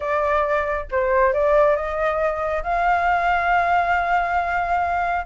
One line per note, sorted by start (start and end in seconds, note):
0.00 0.85 D5
0.91 1.33 C5
1.33 1.76 D5
1.76 2.63 D#5
2.63 5.25 F5